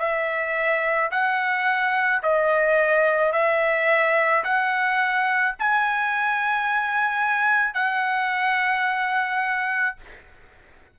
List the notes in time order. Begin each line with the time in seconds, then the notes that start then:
0.00 E5
1.12 F#5
2.23 D#5
3.33 E5
4.44 F#5
5.60 G#5
7.75 F#5